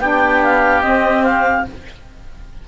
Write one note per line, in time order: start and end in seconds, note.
0.00 0.83 B3
0.00 0.82 D4
0.00 1.68 G4
0.00 0.42 G5
0.44 0.82 F5
0.82 1.65 C4
0.82 1.66 C4
0.82 1.24 D#5
1.24 1.66 F5